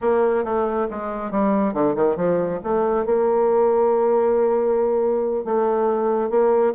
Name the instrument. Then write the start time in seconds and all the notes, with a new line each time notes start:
bassoon
0.01 A#3
0.44 A3
0.90 G#3
1.31 G3
1.73 D3
1.95 D#3
2.16 F3
2.63 A3
3.05 A#3
5.44 A3
6.30 A#3